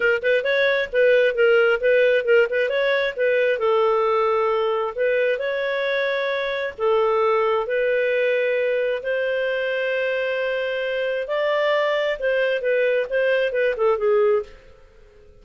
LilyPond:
\new Staff \with { instrumentName = "clarinet" } { \time 4/4 \tempo 4 = 133 ais'8 b'8 cis''4 b'4 ais'4 | b'4 ais'8 b'8 cis''4 b'4 | a'2. b'4 | cis''2. a'4~ |
a'4 b'2. | c''1~ | c''4 d''2 c''4 | b'4 c''4 b'8 a'8 gis'4 | }